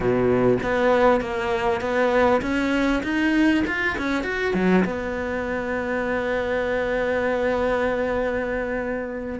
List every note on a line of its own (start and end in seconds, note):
0.00 0.58 B2
0.62 1.20 B3
1.20 1.80 A#3
1.80 2.41 B3
2.41 3.02 C#4
3.03 3.64 D#4
3.66 3.97 F4
3.98 4.23 C#4
4.23 4.54 F#4
4.54 4.84 F#3
4.85 9.39 B3